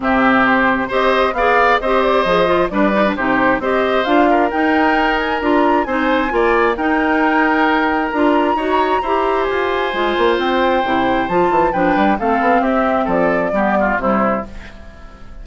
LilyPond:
<<
  \new Staff \with { instrumentName = "flute" } { \time 4/4 \tempo 4 = 133 e''4 c''4 dis''4 f''4 | dis''8 d''8 dis''4 d''4 c''4 | dis''4 f''4 g''4. gis''8 | ais''4 gis''2 g''4~ |
g''2 ais''2~ | ais''4 gis''2 g''4~ | g''4 a''4 g''4 f''4 | e''4 d''2 c''4 | }
  \new Staff \with { instrumentName = "oboe" } { \time 4/4 g'2 c''4 d''4 | c''2 b'4 g'4 | c''4. ais'2~ ais'8~ | ais'4 c''4 d''4 ais'4~ |
ais'2. cis''4 | c''1~ | c''2 b'4 a'4 | g'4 a'4 g'8 f'8 e'4 | }
  \new Staff \with { instrumentName = "clarinet" } { \time 4/4 c'2 g'4 gis'4 | g'4 gis'8 f'8 d'8 dis'16 d'16 dis'4 | g'4 f'4 dis'2 | f'4 dis'4 f'4 dis'4~ |
dis'2 f'4 fis'4 | g'2 f'2 | e'4 f'4 d'4 c'4~ | c'2 b4 g4 | }
  \new Staff \with { instrumentName = "bassoon" } { \time 4/4 c2 c'4 b4 | c'4 f4 g4 c4 | c'4 d'4 dis'2 | d'4 c'4 ais4 dis'4~ |
dis'2 d'4 dis'4 | e'4 f'4 gis8 ais8 c'4 | c4 f8 e8 f8 g8 a8 b8 | c'4 f4 g4 c4 | }
>>